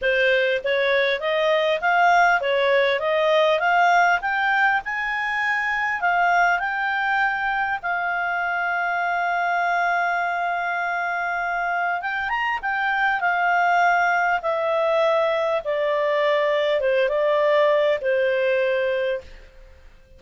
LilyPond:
\new Staff \with { instrumentName = "clarinet" } { \time 4/4 \tempo 4 = 100 c''4 cis''4 dis''4 f''4 | cis''4 dis''4 f''4 g''4 | gis''2 f''4 g''4~ | g''4 f''2.~ |
f''1 | g''8 ais''8 g''4 f''2 | e''2 d''2 | c''8 d''4. c''2 | }